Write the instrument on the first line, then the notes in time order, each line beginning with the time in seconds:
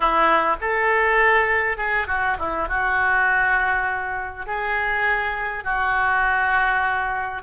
oboe
0.00 E4
0.60 A4
1.77 G#4
2.07 F#4
2.38 E4
2.68 F#4
4.46 G#4
5.64 F#4